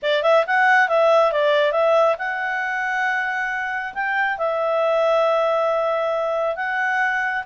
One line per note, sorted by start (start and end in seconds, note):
0.02 0.22 D5
0.22 0.44 E5
0.47 0.88 F#5
0.88 1.31 E5
1.31 1.72 D5
1.72 2.16 E5
2.18 3.93 F#5
3.94 4.37 G5
4.38 6.56 E5
6.56 7.43 F#5